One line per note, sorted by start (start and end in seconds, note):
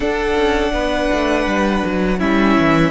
0.00 0.33 D4
0.00 2.18 D4
0.00 0.72 A4
0.00 2.19 F#5
0.35 0.72 C#4
0.72 1.09 B3
0.72 2.18 B4
1.12 1.46 A3
1.46 1.83 G3
1.85 2.21 F#3
2.18 2.57 G3
2.18 2.91 C#4
2.18 2.91 E4
2.18 2.91 E5
2.57 2.91 E3